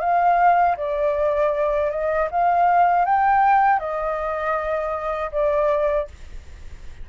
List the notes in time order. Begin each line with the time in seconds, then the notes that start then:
0.00 F5
0.77 D5
1.91 D#5
2.31 F5
3.05 G5
3.79 D#5
5.32 D5